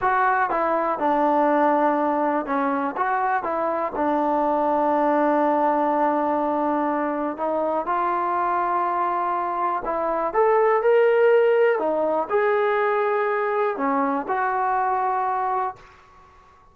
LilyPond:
\new Staff \with { instrumentName = "trombone" } { \time 4/4 \tempo 4 = 122 fis'4 e'4 d'2~ | d'4 cis'4 fis'4 e'4 | d'1~ | d'2. dis'4 |
f'1 | e'4 a'4 ais'2 | dis'4 gis'2. | cis'4 fis'2. | }